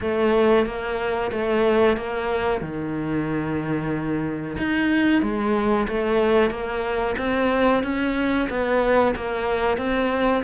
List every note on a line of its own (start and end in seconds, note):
0.00 0.66 A3
0.66 1.31 A#3
1.31 1.96 A3
1.97 2.61 A#3
2.61 4.57 D#3
4.57 5.22 D#4
5.22 5.87 G#3
5.88 6.50 A3
6.50 7.15 A#3
7.18 7.83 C4
7.83 8.48 C#4
8.49 9.14 B3
9.15 9.77 A#3
9.77 10.43 C4